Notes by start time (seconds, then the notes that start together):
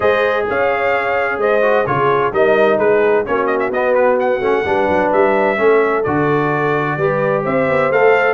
0.00 G#3 G#4 C5 D#5
0.49 C#4 C#5 F5
1.37 G#3 C5 D#5
1.61 F#4
1.86 C#3 F4 G#4 C#5
2.32 G3 D#4 A#4 D#5
2.78 G#3 G#4 B4
3.25 A#3 C#4 F#4 C#5
3.46 D#5
3.59 E5
3.69 B3 D#5
3.94 B4
4.19 F#5
4.40 A3 C#4
4.65 G3 D4 B4
4.88 F#3
5.12 G3 E5
5.56 A3 C#4 A4
6.03 D3 F#4 D5
6.97 G3 G4 B4
7.43 C4 C5 E5
7.68 B3
7.90 A3 A4 F5